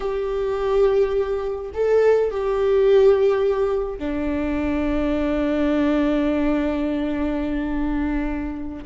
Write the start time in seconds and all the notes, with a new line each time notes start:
0.00 G4
1.74 A4
2.30 G4
3.98 D4